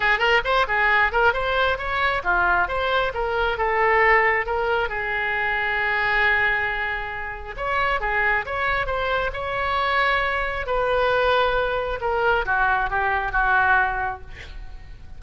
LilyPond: \new Staff \with { instrumentName = "oboe" } { \time 4/4 \tempo 4 = 135 gis'8 ais'8 c''8 gis'4 ais'8 c''4 | cis''4 f'4 c''4 ais'4 | a'2 ais'4 gis'4~ | gis'1~ |
gis'4 cis''4 gis'4 cis''4 | c''4 cis''2. | b'2. ais'4 | fis'4 g'4 fis'2 | }